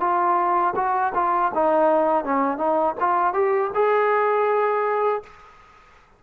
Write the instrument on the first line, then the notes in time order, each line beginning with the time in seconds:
trombone
0.00 F4
0.75 F#4
1.14 F4
1.54 D#4
2.24 C#4
2.58 D#4
3.00 F4
3.33 G4
3.74 G#4